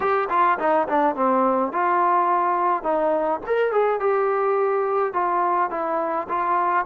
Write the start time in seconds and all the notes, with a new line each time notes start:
0.00 G4
0.29 F4
0.58 D#4
0.88 D4
1.15 C4
1.72 F4
2.83 D#4
3.46 A#4
3.72 G#4
4.00 G4
5.13 F4
5.70 E4
6.28 F4